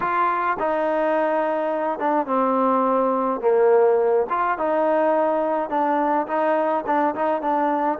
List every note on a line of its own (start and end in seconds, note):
0.00 0.57 F4
0.59 1.99 D#4
1.99 2.26 D4
2.26 3.40 C4
3.41 4.26 A#3
4.29 4.57 F4
4.57 5.69 D#4
5.69 6.26 D4
6.27 6.84 D#4
6.86 7.14 D4
7.15 7.41 D#4
7.41 7.98 D4